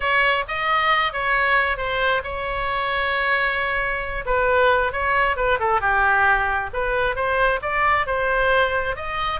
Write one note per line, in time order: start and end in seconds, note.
0.00 0.44 C#5
0.48 1.12 D#5
1.12 1.77 C#5
1.77 2.22 C5
2.23 4.25 C#5
4.25 4.92 B4
4.92 5.36 C#5
5.36 5.58 B4
5.59 5.80 A4
5.80 6.70 G4
6.73 7.15 B4
7.15 7.60 C5
7.61 8.06 D5
8.06 8.96 C5
8.96 9.40 D#5